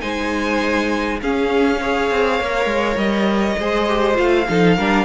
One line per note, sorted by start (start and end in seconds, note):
0.00 1.21 G#3
0.00 1.19 D#4
0.00 1.20 C5
0.00 1.19 G#5
1.21 2.10 C#4
1.21 1.82 C#4
1.21 1.80 G#4
1.21 2.97 F5
1.80 2.39 G#4
1.80 3.58 C#5
2.10 2.40 C4
2.39 2.65 A#3
2.39 3.58 A#4
2.65 2.95 G#3
2.96 3.55 G3
2.96 4.16 D#5
3.58 4.18 G#3
3.58 3.88 G#4
3.58 4.47 C5
3.88 4.14 G4
4.14 4.48 A3
4.14 4.44 F4
4.14 5.04 F5
4.48 4.78 F3
4.48 4.78 D#4
4.48 4.76 A4
4.76 5.04 G3
4.76 5.04 D4
4.76 5.04 A#4